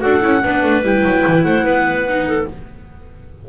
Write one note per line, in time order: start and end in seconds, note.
0.00 0.23 D4
0.00 0.20 F#4
0.00 0.43 A4
0.00 0.82 F#5
0.21 0.44 C#4
0.21 0.42 E4
0.43 0.63 B3
0.43 0.83 D4
0.43 1.45 B4
0.63 0.82 A3
0.82 1.03 G3
0.82 2.06 E4
0.82 1.43 G5
1.03 1.24 F#3
1.27 1.44 E3
1.43 1.64 A3
1.43 1.64 C5
1.43 2.45 F#5
1.64 2.45 B3
1.64 2.25 B4
2.08 2.49 D#4
2.27 2.47 A4